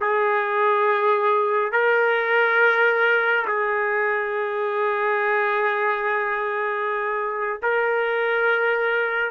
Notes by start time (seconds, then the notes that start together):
0.00 G#4
1.72 A#4
3.47 G#4
7.62 A#4